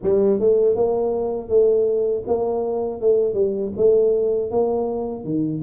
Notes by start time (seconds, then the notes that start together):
0.02 G3
0.39 A3
0.75 A#3
1.48 A3
2.27 A#3
3.00 A3
3.34 G3
3.77 A3
4.50 A#3
5.24 D#3